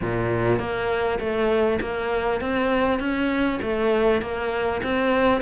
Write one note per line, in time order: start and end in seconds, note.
0.01 0.59 A#2
0.59 1.19 A#3
1.19 1.79 A3
1.80 2.40 A#3
2.41 2.99 C4
2.99 3.59 C#4
3.62 4.21 A3
4.21 4.81 A#3
4.83 5.41 C4